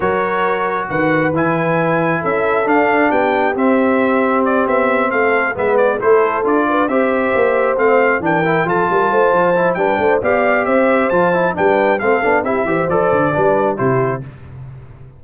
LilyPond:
<<
  \new Staff \with { instrumentName = "trumpet" } { \time 4/4 \tempo 4 = 135 cis''2 fis''4 gis''4~ | gis''4 e''4 f''4 g''4 | e''2 d''8 e''4 f''8~ | f''8 e''8 d''8 c''4 d''4 e''8~ |
e''4. f''4 g''4 a''8~ | a''2 g''4 f''4 | e''4 a''4 g''4 f''4 | e''4 d''2 c''4 | }
  \new Staff \with { instrumentName = "horn" } { \time 4/4 ais'2 b'2~ | b'4 a'2 g'4~ | g'2.~ g'8 a'8~ | a'8 b'4 a'4. b'8 c''8~ |
c''2~ c''8 ais'4 a'8 | ais'8 c''4. b'8 c''8 d''4 | c''2 b'4 a'4 | g'8 c''4. b'4 g'4 | }
  \new Staff \with { instrumentName = "trombone" } { \time 4/4 fis'2. e'4~ | e'2 d'2 | c'1~ | c'8 b4 e'4 f'4 g'8~ |
g'4. c'4 d'8 e'8 f'8~ | f'4. e'8 d'4 g'4~ | g'4 f'8 e'8 d'4 c'8 d'8 | e'8 g'8 a'4 d'4 e'4 | }
  \new Staff \with { instrumentName = "tuba" } { \time 4/4 fis2 dis4 e4~ | e4 cis'4 d'4 b4 | c'2~ c'8 b4 a8~ | a8 gis4 a4 d'4 c'8~ |
c'8 ais4 a4 e4 f8 | g8 a8 f4 g8 a8 b4 | c'4 f4 g4 a8 b8 | c'8 e8 f8 d8 g4 c4 | }
>>